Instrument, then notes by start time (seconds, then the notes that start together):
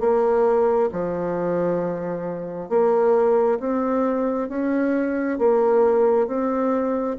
bassoon
0.00 A#3
0.92 F3
2.69 A#3
3.59 C4
4.49 C#4
5.38 A#3
6.27 C4